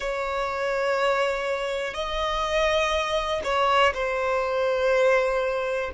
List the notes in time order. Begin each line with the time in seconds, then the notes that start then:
0.00 C#5
1.94 D#5
3.44 C#5
3.93 C5